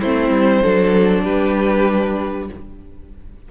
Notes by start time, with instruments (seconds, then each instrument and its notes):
0.00 cello A3, viola C4, violin E4 C5
0.29 cello G3
0.62 cello F#3, viola D4, violin A4
1.23 cello G3, violin G4 B4